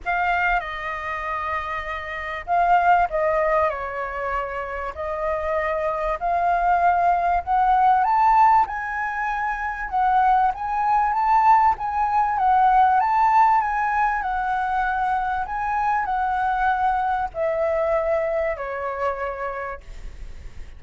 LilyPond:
\new Staff \with { instrumentName = "flute" } { \time 4/4 \tempo 4 = 97 f''4 dis''2. | f''4 dis''4 cis''2 | dis''2 f''2 | fis''4 a''4 gis''2 |
fis''4 gis''4 a''4 gis''4 | fis''4 a''4 gis''4 fis''4~ | fis''4 gis''4 fis''2 | e''2 cis''2 | }